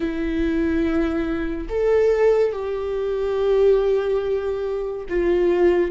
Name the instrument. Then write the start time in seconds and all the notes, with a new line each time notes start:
viola
0.00 E4
1.69 A4
2.52 G4
5.09 F4